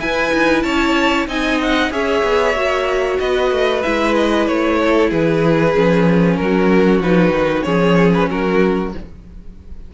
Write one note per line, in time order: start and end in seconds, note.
0.00 0.32 E4
0.00 1.28 E4
0.00 0.64 B4
0.00 0.63 G#5
0.34 0.63 D#4
0.63 1.27 C#4
0.63 1.28 C#5
0.63 1.26 A5
1.27 1.91 C4
1.27 1.91 D#4
1.27 1.92 D#5
1.27 1.61 G#5
1.62 1.92 F#5
1.91 2.23 C#4
1.91 2.55 G#4
1.91 3.20 C#5
1.91 3.19 E5
2.23 2.55 B3
2.55 3.19 A#3
2.55 3.83 F#4
3.19 3.51 B3
3.19 4.79 B4
3.19 3.82 D#5
3.51 3.83 A3
3.82 4.48 G#3
3.82 5.75 E4
3.82 4.14 E5
4.15 4.47 D#5
4.47 5.12 A3
4.47 5.11 C#5
4.82 5.09 A4
5.09 5.75 E3
5.09 6.37 G#4
5.09 6.36 B4
5.75 6.40 F3
5.75 7.02 C#4
6.36 7.01 F#3
6.36 7.65 F#4
6.36 7.00 A#4
7.01 7.30 F3
7.01 7.65 D#4
7.01 7.63 B4
7.30 7.61 D#3
7.63 8.30 F3
7.63 8.92 C#4
7.63 8.29 G#4
7.63 8.11 C#5
8.14 8.30 B4
8.30 8.94 F#3
8.30 8.94 F#4
8.30 8.94 A#4